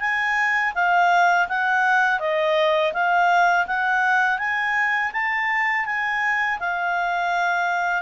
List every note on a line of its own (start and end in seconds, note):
0.00 0.73 G#5
0.75 1.48 F5
1.48 2.20 F#5
2.20 2.93 D#5
2.93 3.66 F5
3.67 4.38 F#5
4.38 5.12 G#5
5.12 5.85 A5
5.85 6.59 G#5
6.59 8.02 F5